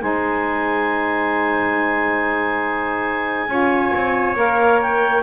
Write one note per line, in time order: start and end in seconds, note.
0.00 3.48 G#3
0.00 3.48 D#4
0.00 3.50 C5
0.00 4.37 G#5
3.48 3.91 C#4
3.48 4.36 F4
3.48 5.23 C#5
3.94 4.35 C4
4.35 5.22 A#3
4.35 5.23 A#4
4.35 4.81 F5
4.82 5.23 G5